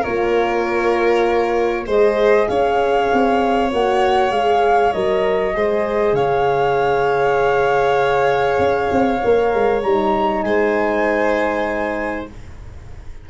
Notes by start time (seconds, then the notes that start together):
0.00 A#3 F4 A#4 C#5
1.86 G#3 G#4 C5 D#5
2.48 C#4 C#5 F5
3.12 C4
3.71 A#3 F#4 F#5
4.31 G#3 G#4 F5
4.92 F#3 A#4 D#5
5.53 G#3 G#4 C5
6.13 C#3 C#5 F5
8.58 C#4
8.91 C4
9.24 A#3 A#4
9.54 G#3
9.82 G3 D#4 A#5
10.42 G#3 C5 G#5